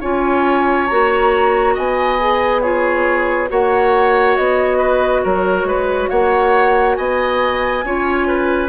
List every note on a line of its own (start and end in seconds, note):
0.00 0.89 C#4
0.00 0.88 F4
0.00 1.74 C#5
0.00 0.87 G#5
0.87 1.76 A#3
0.87 2.19 F#4
0.87 1.74 A#5
1.74 3.50 B3
1.74 2.61 D#5
1.74 2.61 G#5
2.19 2.62 G#4
2.61 3.48 F4
2.61 3.49 G#4
2.61 3.48 C#5
3.48 4.37 A#3
3.48 7.82 F#4
3.48 4.77 C#5
3.48 4.36 F#5
4.36 5.24 B3
4.36 5.23 D#5
4.77 5.21 B4
5.24 5.64 F#3
5.24 5.67 A#4
5.24 6.09 C#5
5.64 6.07 G#3
5.64 6.09 B4
6.09 6.97 A#3
6.09 6.96 C#5
6.09 6.94 F#5
6.94 7.84 B3
6.94 7.84 D#5
6.94 8.68 G#5
7.84 8.68 C#4
7.84 8.68 F4
7.84 8.27 C#5
8.27 8.68 B4